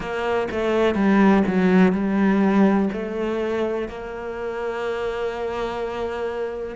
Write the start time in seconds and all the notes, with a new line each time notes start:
0.00 A#3
0.51 A3
0.95 G3
1.47 F#3
1.92 G3
2.93 A3
3.88 A#3